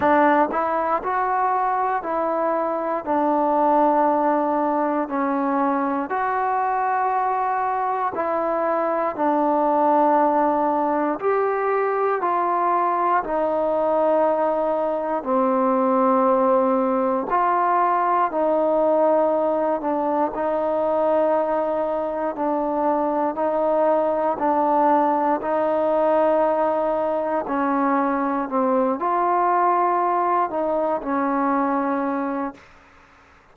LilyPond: \new Staff \with { instrumentName = "trombone" } { \time 4/4 \tempo 4 = 59 d'8 e'8 fis'4 e'4 d'4~ | d'4 cis'4 fis'2 | e'4 d'2 g'4 | f'4 dis'2 c'4~ |
c'4 f'4 dis'4. d'8 | dis'2 d'4 dis'4 | d'4 dis'2 cis'4 | c'8 f'4. dis'8 cis'4. | }